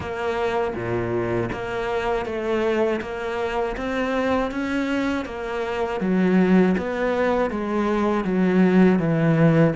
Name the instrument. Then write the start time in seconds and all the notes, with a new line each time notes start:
cello
0.00 A#3
0.74 A#2
1.52 A#3
2.25 A3
3.01 A#3
3.76 C4
4.51 C#4
5.25 A#3
6.00 F#3
6.77 B3
7.50 G#3
8.24 F#3
8.99 E3